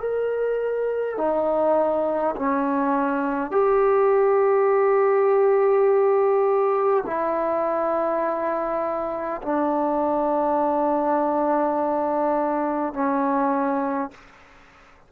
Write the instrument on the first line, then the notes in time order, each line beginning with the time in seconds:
trombone
0.00 A#4
1.17 D#4
2.35 C#4
3.51 G4
7.06 E4
9.42 D4
12.93 C#4